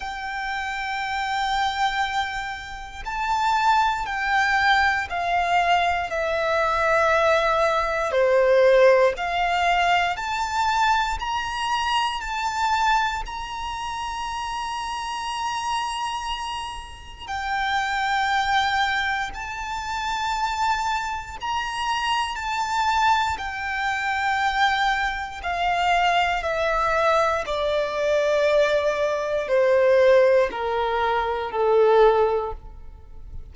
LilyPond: \new Staff \with { instrumentName = "violin" } { \time 4/4 \tempo 4 = 59 g''2. a''4 | g''4 f''4 e''2 | c''4 f''4 a''4 ais''4 | a''4 ais''2.~ |
ais''4 g''2 a''4~ | a''4 ais''4 a''4 g''4~ | g''4 f''4 e''4 d''4~ | d''4 c''4 ais'4 a'4 | }